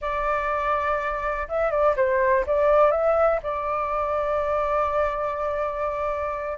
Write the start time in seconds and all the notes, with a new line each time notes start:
0.01 D5
1.48 E5
1.71 D5
1.96 C5
2.46 D5
2.91 E5
3.42 D5